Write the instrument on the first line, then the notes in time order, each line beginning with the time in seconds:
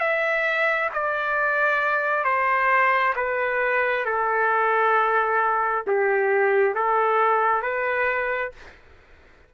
trumpet
0.00 E5
0.94 D5
2.24 C5
3.16 B4
4.05 A4
5.87 G4
6.75 A4
7.62 B4